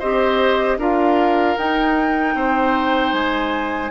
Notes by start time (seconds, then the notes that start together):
0.00 C4 G4 C5 D#5
0.78 D4 F4 A#4 F5
1.58 D#4 G5
2.35 C4 C5
3.13 G#3 G#5